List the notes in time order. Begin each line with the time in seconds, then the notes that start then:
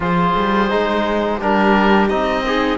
0.00 F3 F4 G#4 C5
0.36 G3
0.70 G#3 D#4
1.37 G3 D4 G4 A#4
2.08 C4 D#4 D#5
2.46 D#4 G#4